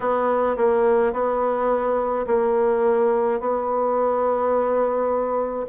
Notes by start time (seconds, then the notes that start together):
0.00 B3
0.57 A#3
1.12 B3
2.26 A#3
3.40 B3